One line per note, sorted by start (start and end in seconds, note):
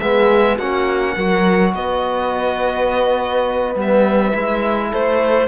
0.00 0.59 G#3
0.00 0.60 B3
0.00 0.56 G#4
0.00 0.58 E5
0.56 1.17 A#3
0.56 1.19 C#4
0.56 1.13 F#4
0.56 1.74 F#5
1.15 1.74 F#3
1.15 3.75 F#4
1.15 1.73 A#4
1.74 3.75 B3
1.74 4.91 B4
1.74 3.76 D#5
3.75 4.33 G3
3.75 4.33 B3
3.81 4.94 E5
4.33 4.93 G#3
4.33 5.48 E4
4.91 5.48 A3
4.91 5.48 A4
4.91 5.48 C5